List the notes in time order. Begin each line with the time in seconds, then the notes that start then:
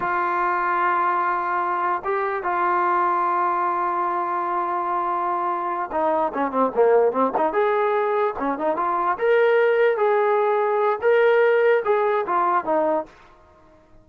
0.00 F4
2.04 G4
2.43 F4
5.91 D#4
6.34 C#4
6.51 C4
6.74 A#3
7.12 C4
7.37 D#4
7.53 G#4
8.38 C#4
8.58 D#4
8.76 F4
9.18 A#4
9.97 G#4
11.01 A#4
11.85 G#4
12.26 F4
12.64 D#4